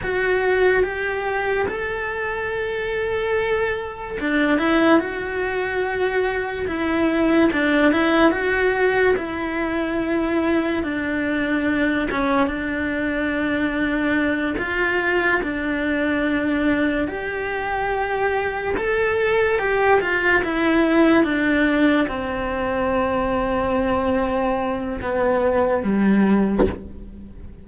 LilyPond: \new Staff \with { instrumentName = "cello" } { \time 4/4 \tempo 4 = 72 fis'4 g'4 a'2~ | a'4 d'8 e'8 fis'2 | e'4 d'8 e'8 fis'4 e'4~ | e'4 d'4. cis'8 d'4~ |
d'4. f'4 d'4.~ | d'8 g'2 a'4 g'8 | f'8 e'4 d'4 c'4.~ | c'2 b4 g4 | }